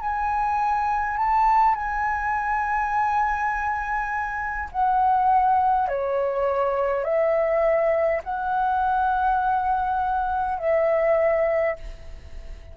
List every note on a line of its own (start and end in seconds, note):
0.00 1.17 G#5
1.17 1.75 A5
1.75 4.69 G#5
4.72 5.88 F#5
5.88 7.04 C#5
7.04 8.21 E5
8.24 10.58 F#5
10.58 11.76 E5